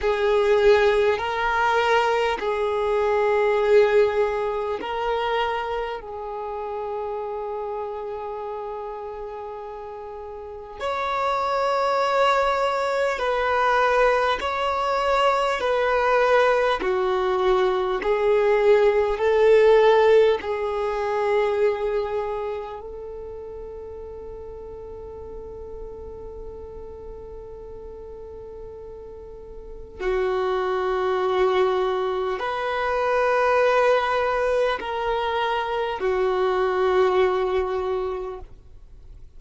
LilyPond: \new Staff \with { instrumentName = "violin" } { \time 4/4 \tempo 4 = 50 gis'4 ais'4 gis'2 | ais'4 gis'2.~ | gis'4 cis''2 b'4 | cis''4 b'4 fis'4 gis'4 |
a'4 gis'2 a'4~ | a'1~ | a'4 fis'2 b'4~ | b'4 ais'4 fis'2 | }